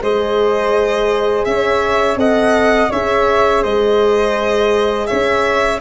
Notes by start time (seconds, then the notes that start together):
0.00 G#3 G#4 C5 D#5
1.44 C#4 C#5 E5
2.15 C4 A4 D#5 F#5
2.90 C#4 G#4 C#5 E5
3.62 G#3 C5 D#5
5.06 C#4 C#5 E5